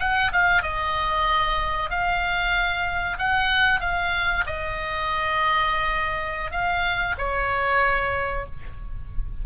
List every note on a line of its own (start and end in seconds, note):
0.00 0.32 F#5
0.33 0.63 F5
0.63 1.90 D#5
1.90 3.18 F5
3.19 3.81 F#5
3.81 4.45 F5
4.47 6.51 D#5
6.51 7.15 F5
7.18 8.46 C#5